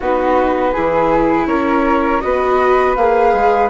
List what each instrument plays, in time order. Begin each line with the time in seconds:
0.00 bassoon B3, viola D#4, flute F#4 B4
0.72 bassoon E3, viola E4, flute G#4
1.46 bassoon C#4, flute A#4 C#5
2.21 bassoon B3, viola F#4, flute B4 D#5
2.95 bassoon A#3, viola G#4, flute F5
3.33 bassoon G#3